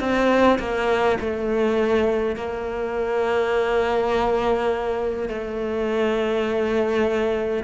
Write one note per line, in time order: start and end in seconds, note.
0.00 0.59 C4
0.59 1.18 A#3
1.20 2.36 A3
2.36 5.29 A#3
5.29 7.64 A3